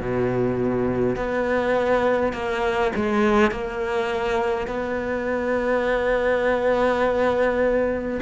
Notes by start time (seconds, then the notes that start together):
0.00 B2
1.17 B3
2.33 A#3
2.96 G#3
3.51 A#3
4.67 B3